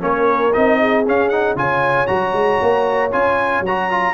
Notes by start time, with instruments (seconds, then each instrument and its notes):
0.00 tuba A#3, trombone C#4, horn A#4, trumpet C#5
0.53 tuba C4, trombone D#4, trumpet D#5
0.80 horn G#4
1.07 tuba C#4, trombone C#4, trumpet F5
1.29 trombone D#4, trumpet F#5
1.56 tuba C#3, trombone F4, horn C#5, trumpet G#5
2.07 tuba F#3, trombone F#4, trumpet A#5
2.33 tuba G#3
2.62 tuba A#3
3.13 tuba C#4, trombone F4, trumpet G#5
3.61 tuba F#3, trumpet A#5
3.68 trombone F#4
3.91 trombone F4